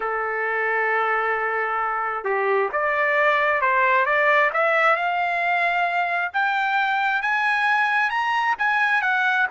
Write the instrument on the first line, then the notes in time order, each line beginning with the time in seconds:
trumpet
0.00 A4
2.24 G4
2.72 D5
3.61 C5
4.05 D5
4.53 E5
4.96 F5
6.33 G5
7.22 G#5
8.10 A#5
8.58 G#5
9.01 F#5